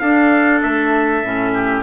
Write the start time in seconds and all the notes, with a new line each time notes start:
0.00 D4 A4 F5
0.63 A3 E5
1.23 A2 C#4
1.54 G4